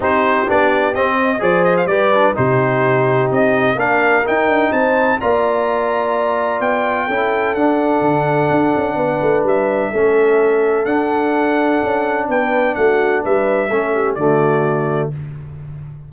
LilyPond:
<<
  \new Staff \with { instrumentName = "trumpet" } { \time 4/4 \tempo 4 = 127 c''4 d''4 dis''4 d''8 dis''16 f''16 | d''4 c''2 dis''4 | f''4 g''4 a''4 ais''4~ | ais''2 g''2 |
fis''1 | e''2. fis''4~ | fis''2 g''4 fis''4 | e''2 d''2 | }
  \new Staff \with { instrumentName = "horn" } { \time 4/4 g'2~ g'8 dis''8 c''4 | b'4 g'2. | ais'2 c''4 d''4~ | d''2. a'4~ |
a'2. b'4~ | b'4 a'2.~ | a'2 b'4 fis'4 | b'4 a'8 g'8 fis'2 | }
  \new Staff \with { instrumentName = "trombone" } { \time 4/4 dis'4 d'4 c'4 gis'4 | g'8 d'8 dis'2. | d'4 dis'2 f'4~ | f'2. e'4 |
d'1~ | d'4 cis'2 d'4~ | d'1~ | d'4 cis'4 a2 | }
  \new Staff \with { instrumentName = "tuba" } { \time 4/4 c'4 b4 c'4 f4 | g4 c2 c'4 | ais4 dis'8 d'8 c'4 ais4~ | ais2 b4 cis'4 |
d'4 d4 d'8 cis'8 b8 a8 | g4 a2 d'4~ | d'4 cis'4 b4 a4 | g4 a4 d2 | }
>>